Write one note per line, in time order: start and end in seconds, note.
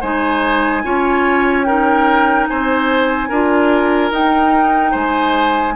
0.00 0.84 G#3
0.00 0.84 D#4
0.00 0.82 C5
0.00 1.65 G#5
0.84 2.48 C#4
0.84 1.65 F4
0.84 1.66 C#5
1.65 3.30 D#4
1.65 2.48 A#4
1.65 2.47 G5
2.48 3.30 C4
2.48 3.28 C5
2.48 4.12 G#5
3.28 4.10 D4
3.28 4.11 F4
3.28 4.91 A#4
4.10 4.93 D#4
4.10 5.75 D#4
4.10 4.95 G5
4.91 5.75 G#3
4.91 5.73 C5
4.91 5.75 G#5